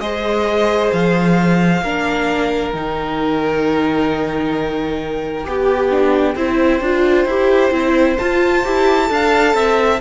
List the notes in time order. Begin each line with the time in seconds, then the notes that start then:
0.00 G#3 G#4 C5 D#5
0.93 F3 F5
1.82 A#3 D4 A#4
2.72 D#3 D#4 G5
5.44 B3 G4
5.90 D4
6.35 C4 E4 C5
6.81 D4 F4
7.25 E4 G4
7.71 C4 E4
8.18 F4 A5
8.64 E4 G4
9.07 D4 A4 F5
9.54 C4 E5